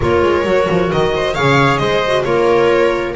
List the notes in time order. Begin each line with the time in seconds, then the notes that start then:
0.00 A#3 F4 A#4 C#5
0.22 G#3
0.45 F#3 F#4
0.69 F3
0.91 D#3 D#5
1.15 C5
1.34 C#3 G#4 C#5 F5
1.77 G#3 C5 D#5
2.06 F#4
2.23 A#3 F4 A#4 C#5